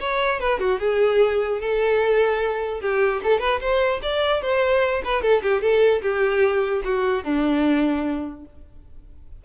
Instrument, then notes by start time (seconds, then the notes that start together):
violin
0.00 C#5
0.40 B4
0.59 F#4
0.80 G#4
1.61 A4
2.81 G4
3.23 A4
3.40 B4
3.60 C5
4.02 D5
4.42 C5
5.04 B4
5.22 A4
5.42 G4
5.62 A4
6.02 G4
6.85 F#4
7.24 D4